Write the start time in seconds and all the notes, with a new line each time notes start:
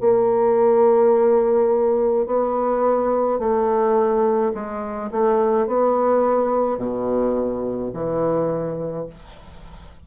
0.00 A#3
2.26 B3
3.39 A3
4.54 G#3
5.11 A3
5.67 B3
6.78 B2
7.93 E3